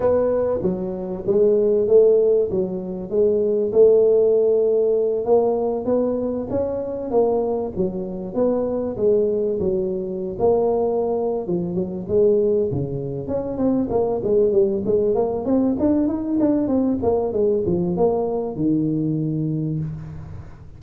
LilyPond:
\new Staff \with { instrumentName = "tuba" } { \time 4/4 \tempo 4 = 97 b4 fis4 gis4 a4 | fis4 gis4 a2~ | a8 ais4 b4 cis'4 ais8~ | ais8 fis4 b4 gis4 fis8~ |
fis8. ais4.~ ais16 f8 fis8 gis8~ | gis8 cis4 cis'8 c'8 ais8 gis8 g8 | gis8 ais8 c'8 d'8 dis'8 d'8 c'8 ais8 | gis8 f8 ais4 dis2 | }